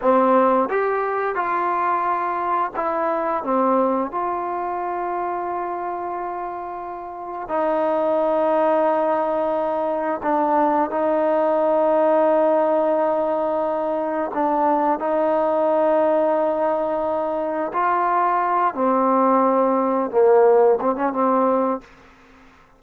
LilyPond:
\new Staff \with { instrumentName = "trombone" } { \time 4/4 \tempo 4 = 88 c'4 g'4 f'2 | e'4 c'4 f'2~ | f'2. dis'4~ | dis'2. d'4 |
dis'1~ | dis'4 d'4 dis'2~ | dis'2 f'4. c'8~ | c'4. ais4 c'16 cis'16 c'4 | }